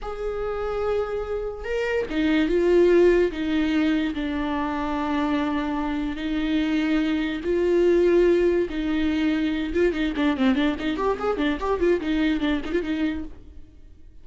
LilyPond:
\new Staff \with { instrumentName = "viola" } { \time 4/4 \tempo 4 = 145 gis'1 | ais'4 dis'4 f'2 | dis'2 d'2~ | d'2. dis'4~ |
dis'2 f'2~ | f'4 dis'2~ dis'8 f'8 | dis'8 d'8 c'8 d'8 dis'8 g'8 gis'8 d'8 | g'8 f'8 dis'4 d'8 dis'16 f'16 dis'4 | }